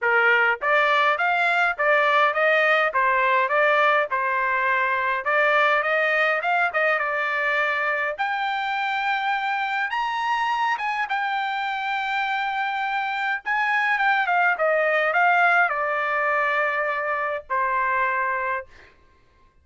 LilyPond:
\new Staff \with { instrumentName = "trumpet" } { \time 4/4 \tempo 4 = 103 ais'4 d''4 f''4 d''4 | dis''4 c''4 d''4 c''4~ | c''4 d''4 dis''4 f''8 dis''8 | d''2 g''2~ |
g''4 ais''4. gis''8 g''4~ | g''2. gis''4 | g''8 f''8 dis''4 f''4 d''4~ | d''2 c''2 | }